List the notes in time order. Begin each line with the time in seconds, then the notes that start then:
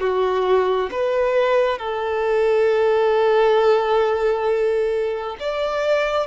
0.00 F#4
0.91 B4
1.78 A4
5.39 D5